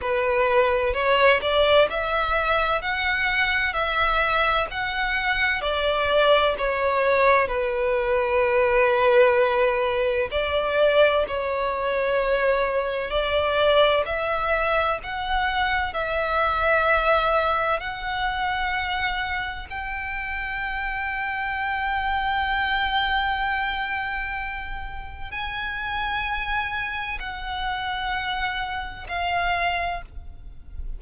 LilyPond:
\new Staff \with { instrumentName = "violin" } { \time 4/4 \tempo 4 = 64 b'4 cis''8 d''8 e''4 fis''4 | e''4 fis''4 d''4 cis''4 | b'2. d''4 | cis''2 d''4 e''4 |
fis''4 e''2 fis''4~ | fis''4 g''2.~ | g''2. gis''4~ | gis''4 fis''2 f''4 | }